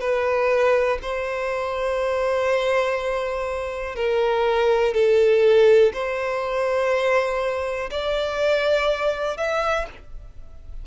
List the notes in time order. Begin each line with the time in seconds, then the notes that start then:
0.00 B4
1.02 C5
3.96 A#4
4.94 A4
5.93 C5
7.90 D5
9.37 E5